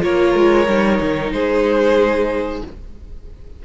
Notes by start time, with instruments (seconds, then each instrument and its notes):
0.00 cello A#3, viola F4, violin A#4 C#5
0.35 cello G#3
0.67 cello G3, viola D#4
1.01 cello D#3
1.32 cello G#3, violin G#4 C5